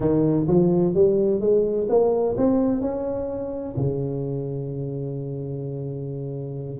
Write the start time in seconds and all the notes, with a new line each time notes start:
0.00 D#3
0.47 F3
0.94 G3
1.40 G#3
1.89 A#3
2.37 C4
2.81 C#4
3.76 C#3